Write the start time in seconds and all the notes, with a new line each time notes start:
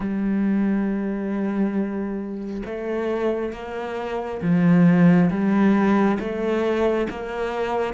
0.00 G3
2.65 A3
3.53 A#3
4.41 F3
5.30 G3
6.19 A3
7.10 A#3